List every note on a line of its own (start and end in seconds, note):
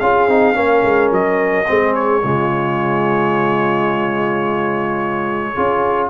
0.00 0.28 C#4
0.00 0.29 F4
0.00 0.57 G#4
0.00 1.11 F5
0.28 0.55 C4
0.28 0.54 D#4
0.54 0.83 A#3
0.54 1.65 C#4
0.54 1.69 A#4
0.84 1.11 G#3
1.11 1.67 F#3
1.11 1.95 D#5
1.67 2.24 G#3
1.67 2.23 C4
1.67 2.23 G#4
1.95 6.10 C#5
2.23 5.57 C#3
2.23 5.56 G#3
2.23 5.54 F4
5.54 6.10 C#4
5.54 6.10 F4
5.54 6.09 G#4